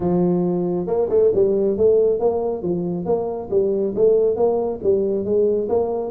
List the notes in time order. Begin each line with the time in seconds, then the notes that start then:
0.00 F3
0.86 A#3
1.09 A3
1.34 G3
1.77 A3
2.19 A#3
2.62 F3
3.05 A#3
3.50 G3
3.95 A3
4.36 A#3
4.83 G3
5.24 G#3
5.69 A#3